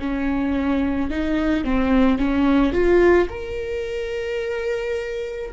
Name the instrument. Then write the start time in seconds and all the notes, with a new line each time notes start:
viola
0.00 C#4
1.11 D#4
1.65 C4
2.19 C#4
2.73 F4
3.29 A#4